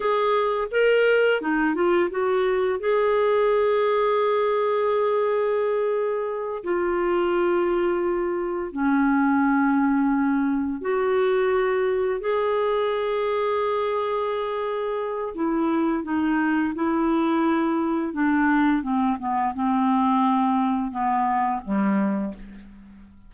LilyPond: \new Staff \with { instrumentName = "clarinet" } { \time 4/4 \tempo 4 = 86 gis'4 ais'4 dis'8 f'8 fis'4 | gis'1~ | gis'4. f'2~ f'8~ | f'8 cis'2. fis'8~ |
fis'4. gis'2~ gis'8~ | gis'2 e'4 dis'4 | e'2 d'4 c'8 b8 | c'2 b4 g4 | }